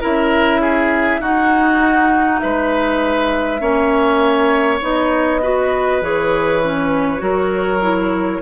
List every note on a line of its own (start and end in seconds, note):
0.00 1.19 C#4
0.00 1.20 E4
0.00 0.60 A#4
0.00 1.22 E5
0.61 1.20 G#4
1.19 2.39 D#4
1.19 3.60 D#4
1.19 2.40 F#4
1.19 2.39 F#5
2.39 3.60 G#3
2.39 3.60 B4
2.39 4.79 E5
3.60 4.80 A#3
3.60 4.79 C#4
3.60 5.41 C#5
4.81 6.01 B3
4.81 5.41 D#4
4.81 6.03 D#5
5.41 6.01 F#4
5.41 7.21 B4
6.01 7.20 E3
6.01 6.61 G#4
6.01 8.41 C#5
6.63 7.17 C#4
7.17 8.40 F#3
7.17 7.77 F#4
7.17 8.41 A#4
7.81 8.41 E4